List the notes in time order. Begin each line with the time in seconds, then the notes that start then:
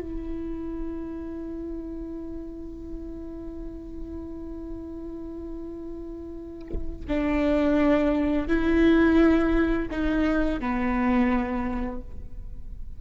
0.00 E4
7.08 D4
8.48 E4
9.91 D#4
10.60 B3